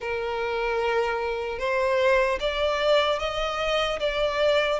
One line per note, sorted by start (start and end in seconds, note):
0.00 1.59 A#4
1.59 2.39 C5
2.40 3.19 D5
3.19 3.99 D#5
3.99 4.79 D5